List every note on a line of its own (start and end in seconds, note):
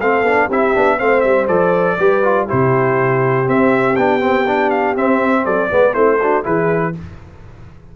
0.00 0.21 A3
0.00 0.24 C4
0.00 0.47 A4
0.00 0.50 F5
0.21 0.46 B3
0.21 0.49 D4
0.47 0.74 C4
0.47 0.74 E4
0.47 0.96 G4
0.47 0.99 E5
0.74 1.00 B3
0.74 0.98 D4
0.98 1.24 A3
0.98 1.47 C4
0.98 1.97 C5
0.98 1.20 F5
1.20 1.48 G3
1.20 1.45 E5
1.48 1.98 F3
1.48 1.97 A4
1.48 2.47 D5
1.98 2.48 G3
1.98 2.23 G4
1.98 2.45 B4
2.23 2.48 F4
2.45 3.45 E4
2.45 5.43 G4
2.45 3.48 C5
2.52 3.48 C3
3.45 3.94 C4
3.45 3.97 C4
3.45 3.95 E5
3.95 4.95 B3
3.95 4.20 D4
3.95 4.70 G5
4.20 4.45 C4
4.47 4.96 D4
4.70 4.95 F5
4.95 5.45 C4
4.95 5.70 C4
4.95 5.45 E5
5.44 5.70 F#3
5.44 5.69 A4
5.44 5.94 D5
5.70 5.94 G#3
5.70 5.93 B3
5.70 5.94 B4
5.93 6.44 A3
5.93 6.18 C4
5.93 6.19 E4
5.93 6.43 C5
6.21 6.43 D4
6.21 6.44 F#4
6.43 6.95 E3
6.43 6.92 E4
6.43 6.94 G#4
6.43 6.95 B4